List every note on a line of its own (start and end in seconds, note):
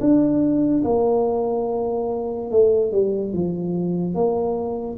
0.00 0.83 D4
0.84 2.51 A#3
2.51 2.92 A3
2.92 3.33 G3
3.33 4.14 F3
4.14 4.98 A#3